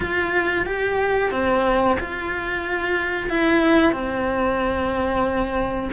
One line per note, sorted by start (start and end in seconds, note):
0.00 0.66 F4
0.66 1.31 G4
1.31 1.97 C4
1.99 3.29 F4
3.29 3.92 E4
3.92 5.90 C4